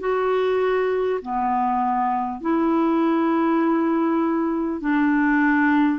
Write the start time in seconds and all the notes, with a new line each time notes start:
0.00 F#4
1.22 B3
2.42 E4
4.81 D4